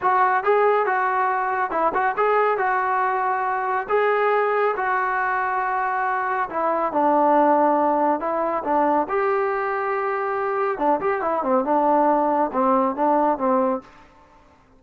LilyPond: \new Staff \with { instrumentName = "trombone" } { \time 4/4 \tempo 4 = 139 fis'4 gis'4 fis'2 | e'8 fis'8 gis'4 fis'2~ | fis'4 gis'2 fis'4~ | fis'2. e'4 |
d'2. e'4 | d'4 g'2.~ | g'4 d'8 g'8 e'8 c'8 d'4~ | d'4 c'4 d'4 c'4 | }